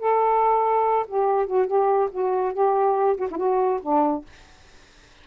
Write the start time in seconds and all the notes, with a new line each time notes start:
0.00 A4
1.08 G4
1.47 F#4
1.67 G4
2.12 F#4
2.53 G4
3.18 F#4
3.31 E4
3.38 F#4
3.83 D4